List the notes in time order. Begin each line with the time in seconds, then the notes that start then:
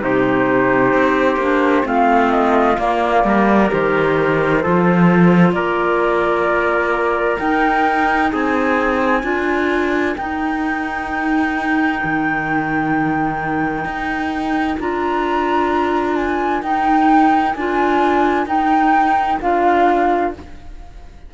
0.00 C3 D#4 G4 C5
0.93 C4
1.36 A#3 D4
1.84 A3 C4 F4 F5
2.31 D#5
2.78 A#3 D5
3.24 G3 A#4
3.68 D#3 G4 C5
4.63 F3 F4 A4
5.52 A#3 A#4 D5
7.39 D#4 G5
8.32 C4 G#4 G#5
9.23 D4 F4 A#4
10.17 D#4 G5
12.04 D#3
13.85 D#4
14.80 D4 F4 A#5
16.16 G#5
16.62 D#4 G5
17.54 D4 F4 G#5
18.46 D#4 G5
19.41 D4 F4 F5